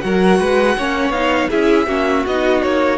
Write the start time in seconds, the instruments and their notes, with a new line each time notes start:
0.00 cello F#3, viola F#4, violin A#4 F#5
0.39 cello G#3, violin B4
0.78 cello A#3, viola C#4, violin C#5
1.10 cello B3, viola D#4, violin F5
1.50 cello C#4, viola E4, violin G#4 E5
1.87 cello A#3, viola C#4, violin F#4
2.27 cello B3, viola D#4, violin D#5
2.62 cello A#3, violin C#5